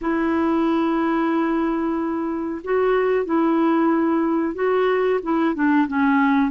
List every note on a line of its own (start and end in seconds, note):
0.01 2.62 E4
2.64 3.25 F#4
3.25 4.54 E4
4.54 5.20 F#4
5.23 5.54 E4
5.54 5.87 D4
5.87 6.51 C#4